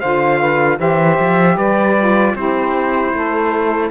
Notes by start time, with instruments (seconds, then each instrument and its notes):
0.00 cello D3, saxophone F4 C5, trumpet F5
0.39 saxophone B4
0.78 cello E3, saxophone G4 C5, trumpet E5
1.19 cello F3
1.56 cello G3, saxophone B4, trumpet D5
1.97 saxophone F4
2.35 cello C4, saxophone E4 G4, trumpet C5
3.13 cello A3, saxophone A4